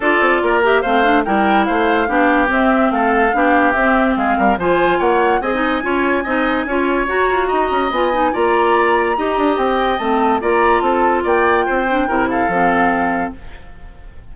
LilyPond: <<
  \new Staff \with { instrumentName = "flute" } { \time 4/4 \tempo 4 = 144 d''4. e''8 f''4 g''4 | f''2 e''4 f''4~ | f''4 e''4 f''4 gis''4 | fis''4 gis''2.~ |
gis''4 ais''2 gis''4 | ais''2. g''4 | a''4 ais''4 a''4 g''4~ | g''4. f''2~ f''8 | }
  \new Staff \with { instrumentName = "oboe" } { \time 4/4 a'4 ais'4 c''4 ais'4 | c''4 g'2 a'4 | g'2 gis'8 ais'8 c''4 | cis''4 dis''4 cis''4 dis''4 |
cis''2 dis''2 | d''2 dis''2~ | dis''4 d''4 a'4 d''4 | c''4 ais'8 a'2~ a'8 | }
  \new Staff \with { instrumentName = "clarinet" } { \time 4/4 f'4. g'8 c'8 d'8 e'4~ | e'4 d'4 c'2 | d'4 c'2 f'4~ | f'4 gis'16 dis'8. f'4 dis'4 |
f'4 fis'2 f'8 dis'8 | f'2 g'2 | c'4 f'2.~ | f'8 d'8 e'4 c'2 | }
  \new Staff \with { instrumentName = "bassoon" } { \time 4/4 d'8 c'8 ais4 a4 g4 | a4 b4 c'4 a4 | b4 c'4 gis8 g8 f4 | ais4 c'4 cis'4 c'4 |
cis'4 fis'8 f'8 dis'8 cis'8 b4 | ais2 dis'8 d'8 c'4 | a4 ais4 c'4 ais4 | c'4 c4 f2 | }
>>